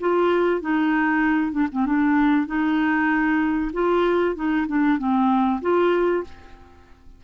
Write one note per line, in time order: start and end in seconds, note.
0.00 0.61 F4
0.61 1.52 D#4
1.52 1.67 D4
1.72 1.86 C4
1.86 2.46 D4
2.46 3.71 D#4
3.73 4.36 F4
4.36 4.67 D#4
4.67 4.98 D4
4.98 5.61 C4
5.61 6.24 F4